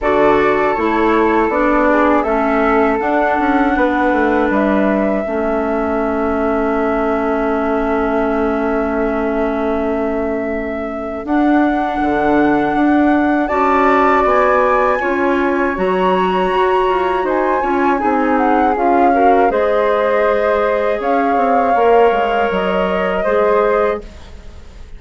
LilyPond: <<
  \new Staff \with { instrumentName = "flute" } { \time 4/4 \tempo 4 = 80 d''4 cis''4 d''4 e''4 | fis''2 e''2~ | e''1~ | e''2. fis''4~ |
fis''2 a''4 gis''4~ | gis''4 ais''2 gis''4~ | gis''8 fis''8 f''4 dis''2 | f''2 dis''2 | }
  \new Staff \with { instrumentName = "flute" } { \time 4/4 a'2~ a'8 gis'8 a'4~ | a'4 b'2 a'4~ | a'1~ | a'1~ |
a'2 d''2 | cis''2. c''8 cis''8 | gis'4. ais'8 c''2 | cis''2. c''4 | }
  \new Staff \with { instrumentName = "clarinet" } { \time 4/4 fis'4 e'4 d'4 cis'4 | d'2. cis'4~ | cis'1~ | cis'2. d'4~ |
d'2 fis'2 | f'4 fis'2~ fis'8 f'8 | dis'4 f'8 fis'8 gis'2~ | gis'4 ais'2 gis'4 | }
  \new Staff \with { instrumentName = "bassoon" } { \time 4/4 d4 a4 b4 a4 | d'8 cis'8 b8 a8 g4 a4~ | a1~ | a2. d'4 |
d4 d'4 cis'4 b4 | cis'4 fis4 fis'8 f'8 dis'8 cis'8 | c'4 cis'4 gis2 | cis'8 c'8 ais8 gis8 fis4 gis4 | }
>>